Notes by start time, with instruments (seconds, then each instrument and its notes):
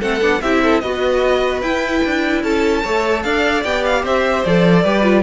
0.00 cello A3, viola C4, violin A4 F#5
0.21 cello B3, viola D4
0.42 cello C4, viola E4, violin G4 E5
0.63 violin A4
0.81 cello B3, viola F#4, violin B4 D#5
1.62 cello E4, viola E4, violin G5
2.05 cello D4
2.43 cello C#4, violin A4 A5
2.83 cello A3, viola A4, violin C#5
3.23 cello D4, violin D5 F5
3.64 cello B3, viola G4, violin G5
3.85 violin F5
4.03 cello C4, violin C5 E5
4.45 cello F3, viola A4, violin D5
4.83 cello G3, viola G4, violin B4
5.03 viola F4